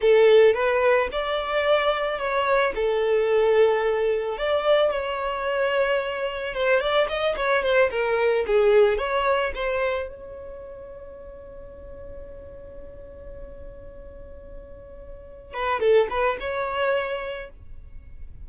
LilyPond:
\new Staff \with { instrumentName = "violin" } { \time 4/4 \tempo 4 = 110 a'4 b'4 d''2 | cis''4 a'2. | d''4 cis''2. | c''8 d''8 dis''8 cis''8 c''8 ais'4 gis'8~ |
gis'8 cis''4 c''4 cis''4.~ | cis''1~ | cis''1~ | cis''8 b'8 a'8 b'8 cis''2 | }